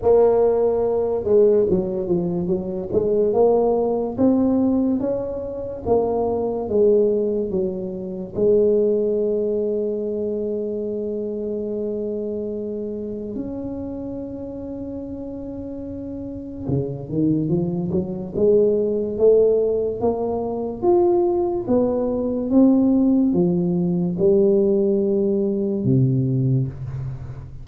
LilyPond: \new Staff \with { instrumentName = "tuba" } { \time 4/4 \tempo 4 = 72 ais4. gis8 fis8 f8 fis8 gis8 | ais4 c'4 cis'4 ais4 | gis4 fis4 gis2~ | gis1 |
cis'1 | cis8 dis8 f8 fis8 gis4 a4 | ais4 f'4 b4 c'4 | f4 g2 c4 | }